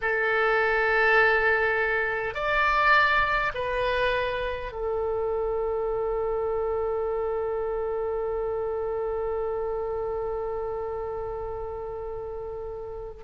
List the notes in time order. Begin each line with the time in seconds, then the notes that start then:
0.01 A4
2.34 D5
3.54 B4
4.72 A4